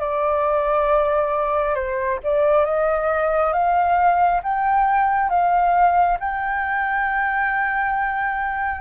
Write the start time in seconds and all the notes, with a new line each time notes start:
0.00 D5
1.75 C5
2.23 D5
2.65 D#5
3.53 F5
4.43 G5
5.29 F5
6.20 G5